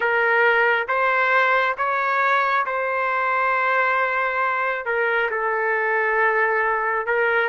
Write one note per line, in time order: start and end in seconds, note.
0.00 0.87 A#4
0.87 1.76 C5
1.77 2.65 C#5
2.66 4.85 C5
4.85 5.29 A#4
5.31 7.06 A4
7.06 7.48 A#4